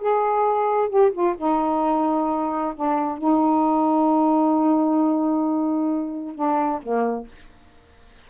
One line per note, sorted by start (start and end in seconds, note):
0.00 0.89 G#4
0.89 1.12 G4
1.12 1.35 F4
1.38 2.74 D#4
2.76 3.18 D4
3.18 6.35 D#4
6.35 6.81 D4
6.82 7.28 A#3